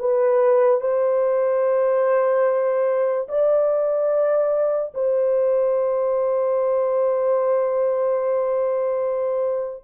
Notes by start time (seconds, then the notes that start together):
0.00 B4
0.81 C5
3.29 D5
4.95 C5